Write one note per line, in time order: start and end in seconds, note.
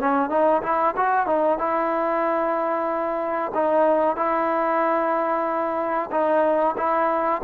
0.00 0.30 C#4
0.30 0.62 D#4
0.63 0.95 E4
0.97 1.27 F#4
1.27 1.59 D#4
1.59 3.52 E4
3.55 4.16 D#4
4.16 6.10 E4
6.11 6.76 D#4
6.77 7.42 E4